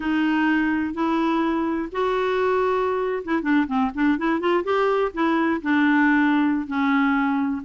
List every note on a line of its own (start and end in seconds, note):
0.00 0.94 D#4
0.94 1.89 E4
1.92 3.23 F#4
3.24 3.42 E4
3.42 3.66 D4
3.67 3.91 C4
3.94 4.18 D4
4.18 4.40 E4
4.40 4.63 F4
4.64 5.11 G4
5.13 5.61 E4
5.61 6.67 D4
6.67 7.62 C#4